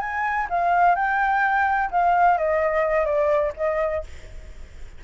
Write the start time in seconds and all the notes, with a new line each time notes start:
0.00 G#5
0.50 F5
0.95 G5
1.91 F5
2.38 D#5
3.05 D5
3.56 D#5